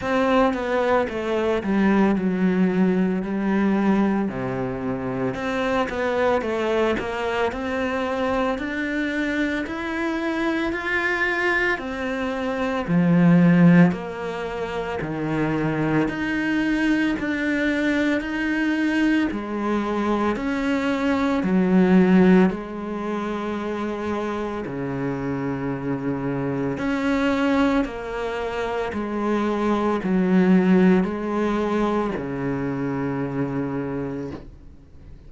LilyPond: \new Staff \with { instrumentName = "cello" } { \time 4/4 \tempo 4 = 56 c'8 b8 a8 g8 fis4 g4 | c4 c'8 b8 a8 ais8 c'4 | d'4 e'4 f'4 c'4 | f4 ais4 dis4 dis'4 |
d'4 dis'4 gis4 cis'4 | fis4 gis2 cis4~ | cis4 cis'4 ais4 gis4 | fis4 gis4 cis2 | }